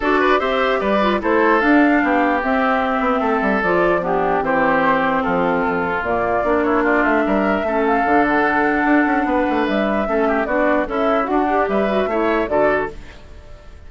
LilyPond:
<<
  \new Staff \with { instrumentName = "flute" } { \time 4/4 \tempo 4 = 149 d''4 e''4 d''4 c''4 | f''2 e''2~ | e''4 d''4 g'4 c''4~ | c''4 a'2 d''4~ |
d''8 cis''8 d''8 e''2 f''8~ | f''8 fis''2.~ fis''8 | e''2 d''4 e''4 | fis''4 e''2 d''4 | }
  \new Staff \with { instrumentName = "oboe" } { \time 4/4 a'8 b'8 c''4 b'4 a'4~ | a'4 g'2. | a'2 d'4 g'4~ | g'4 f'2.~ |
f'8 e'8 f'4 ais'4 a'4~ | a'2. b'4~ | b'4 a'8 g'8 fis'4 e'4 | d'4 b'4 cis''4 a'4 | }
  \new Staff \with { instrumentName = "clarinet" } { \time 4/4 fis'4 g'4. f'8 e'4 | d'2 c'2~ | c'4 f'4 b4 c'4~ | c'2. ais4 |
d'2. cis'4 | d'1~ | d'4 cis'4 d'4 a'4 | fis'8 g'4 fis'8 e'4 fis'4 | }
  \new Staff \with { instrumentName = "bassoon" } { \time 4/4 d'4 c'4 g4 a4 | d'4 b4 c'4. b8 | a8 g8 f2 e4~ | e4 f4 f,4 ais,4 |
ais4. a8 g4 a4 | d2 d'8 cis'8 b8 a8 | g4 a4 b4 cis'4 | d'4 g4 a4 d4 | }
>>